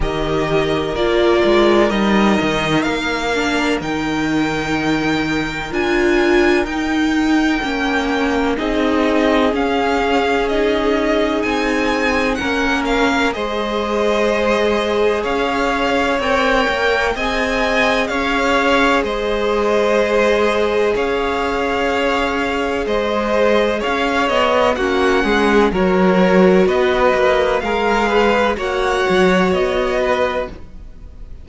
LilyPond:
<<
  \new Staff \with { instrumentName = "violin" } { \time 4/4 \tempo 4 = 63 dis''4 d''4 dis''4 f''4 | g''2 gis''4 g''4~ | g''4 dis''4 f''4 dis''4 | gis''4 fis''8 f''8 dis''2 |
f''4 g''4 gis''4 f''4 | dis''2 f''2 | dis''4 f''8 dis''8 fis''4 cis''4 | dis''4 f''4 fis''4 dis''4 | }
  \new Staff \with { instrumentName = "violin" } { \time 4/4 ais'1~ | ais'1~ | ais'4 gis'2.~ | gis'4 ais'4 c''2 |
cis''2 dis''4 cis''4 | c''2 cis''2 | c''4 cis''4 fis'8 gis'8 ais'4 | b'4 ais'8 b'8 cis''4. b'8 | }
  \new Staff \with { instrumentName = "viola" } { \time 4/4 g'4 f'4 dis'4. d'8 | dis'2 f'4 dis'4 | cis'4 dis'4 cis'4 dis'4~ | dis'4 cis'4 gis'2~ |
gis'4 ais'4 gis'2~ | gis'1~ | gis'2 cis'4 fis'4~ | fis'4 gis'4 fis'2 | }
  \new Staff \with { instrumentName = "cello" } { \time 4/4 dis4 ais8 gis8 g8 dis8 ais4 | dis2 d'4 dis'4 | ais4 c'4 cis'2 | c'4 ais4 gis2 |
cis'4 c'8 ais8 c'4 cis'4 | gis2 cis'2 | gis4 cis'8 b8 ais8 gis8 fis4 | b8 ais8 gis4 ais8 fis8 b4 | }
>>